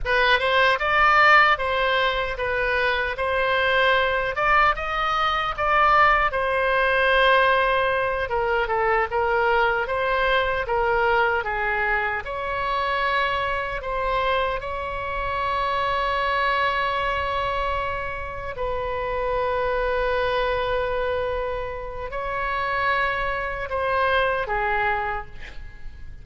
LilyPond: \new Staff \with { instrumentName = "oboe" } { \time 4/4 \tempo 4 = 76 b'8 c''8 d''4 c''4 b'4 | c''4. d''8 dis''4 d''4 | c''2~ c''8 ais'8 a'8 ais'8~ | ais'8 c''4 ais'4 gis'4 cis''8~ |
cis''4. c''4 cis''4.~ | cis''2.~ cis''8 b'8~ | b'1 | cis''2 c''4 gis'4 | }